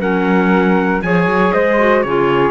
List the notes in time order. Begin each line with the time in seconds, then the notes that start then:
0.00 F#3 C#4 A#4 F#5
1.02 F3 G#4 C#5 G#5
1.26 F#3
1.53 G#3 C5 D#5
1.79 F#4
2.03 C#3 F4 G#4 C#5